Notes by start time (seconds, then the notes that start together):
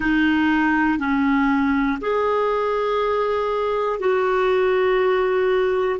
0.00 D#4
0.98 C#4
2.00 G#4
3.99 F#4